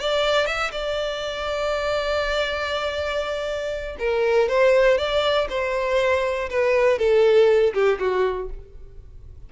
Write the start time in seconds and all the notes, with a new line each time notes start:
0.00 D5
0.47 E5
0.72 D5
3.99 A#4
4.49 C5
4.98 D5
5.50 C5
6.50 B4
6.99 A4
7.74 G4
8.00 F#4